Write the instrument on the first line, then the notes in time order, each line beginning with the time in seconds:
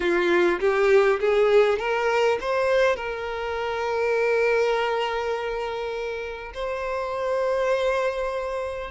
violin
0.00 F4
0.60 G4
1.19 G#4
1.78 A#4
2.40 C5
2.95 A#4
6.54 C5